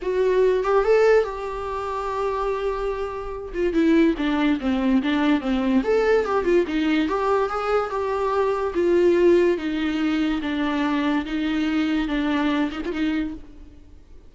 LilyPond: \new Staff \with { instrumentName = "viola" } { \time 4/4 \tempo 4 = 144 fis'4. g'8 a'4 g'4~ | g'1~ | g'8 f'8 e'4 d'4 c'4 | d'4 c'4 a'4 g'8 f'8 |
dis'4 g'4 gis'4 g'4~ | g'4 f'2 dis'4~ | dis'4 d'2 dis'4~ | dis'4 d'4. dis'16 f'16 dis'4 | }